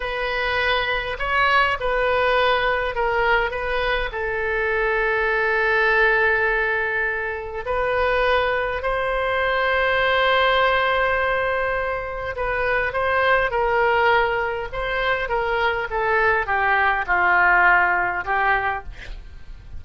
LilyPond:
\new Staff \with { instrumentName = "oboe" } { \time 4/4 \tempo 4 = 102 b'2 cis''4 b'4~ | b'4 ais'4 b'4 a'4~ | a'1~ | a'4 b'2 c''4~ |
c''1~ | c''4 b'4 c''4 ais'4~ | ais'4 c''4 ais'4 a'4 | g'4 f'2 g'4 | }